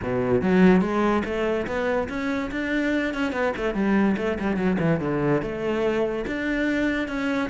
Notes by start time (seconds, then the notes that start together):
0.02 B2
0.41 F#3
0.81 G#3
1.24 A3
1.66 B3
2.09 C#4
2.51 D4
3.14 C#4
3.32 B3
3.57 A3
3.74 G3
4.17 A3
4.39 G3
4.56 F#3
4.79 E3
5.00 D3
5.42 A3
6.26 D4
7.08 C#4